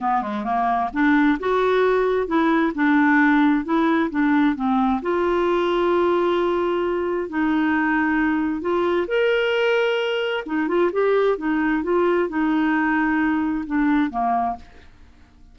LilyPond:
\new Staff \with { instrumentName = "clarinet" } { \time 4/4 \tempo 4 = 132 b8 gis8 ais4 d'4 fis'4~ | fis'4 e'4 d'2 | e'4 d'4 c'4 f'4~ | f'1 |
dis'2. f'4 | ais'2. dis'8 f'8 | g'4 dis'4 f'4 dis'4~ | dis'2 d'4 ais4 | }